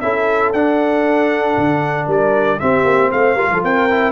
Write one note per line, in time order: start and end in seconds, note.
0.00 0.52 C#4
0.00 0.54 E4
0.00 2.06 A4
0.00 0.52 E5
0.52 1.56 D4
0.52 2.60 D4
0.52 2.08 F#5
1.57 2.07 D3
2.06 2.59 G3
2.06 2.58 A#4
2.06 2.59 D5
2.59 3.38 C4
2.59 2.85 C4
2.59 3.11 G4
2.59 3.11 E5
2.85 3.10 A#3
3.11 3.35 A3
3.11 3.35 C5
3.11 3.63 F5
3.35 3.48 G3
3.35 3.89 F4
3.35 3.48 A#4
3.50 3.63 F3
3.50 3.62 A4
3.62 4.11 C4
3.62 4.11 A#4
3.62 4.11 G5
3.90 4.11 E4